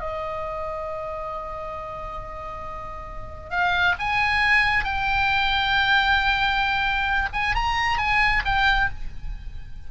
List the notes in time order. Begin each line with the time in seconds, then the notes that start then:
0.00 D#5
3.51 F5
3.99 G#5
4.85 G5
7.33 G#5
7.55 A#5
7.98 G#5
8.45 G5